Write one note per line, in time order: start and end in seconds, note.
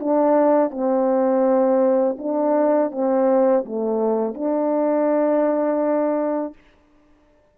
0.00 0.71 D4
0.71 2.17 C4
2.18 2.91 D4
2.91 3.65 C4
3.66 4.34 A3
4.34 6.54 D4